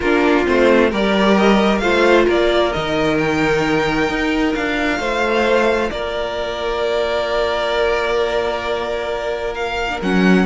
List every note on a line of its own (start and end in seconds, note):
0.00 0.46 A#3
0.00 0.45 D4
0.00 0.90 F4
0.00 0.46 A#4
0.45 0.92 A3
0.45 0.91 C4
0.45 0.91 C5
0.90 1.80 G3
0.90 1.82 G4
0.90 1.81 A#4
0.90 1.37 D5
1.37 1.78 D#5
1.78 2.26 A3
1.78 2.73 F4
1.78 2.25 C5
1.78 2.23 F5
2.25 2.73 A#3
2.25 4.98 A#4
2.25 2.72 D5
2.72 4.09 D#3
2.72 4.55 D#4
2.72 3.18 D#5
3.18 4.54 G5
4.09 4.54 D#4
4.54 4.99 D4
4.54 9.88 F4
4.54 5.90 F5
4.99 5.90 A3
4.99 5.90 C5
5.90 10.00 A#3
5.90 10.45 A#4
5.90 9.54 D5
9.54 10.00 F5
9.88 10.00 D4
10.01 10.45 F#3
10.01 10.45 C#4
10.01 10.45 F#5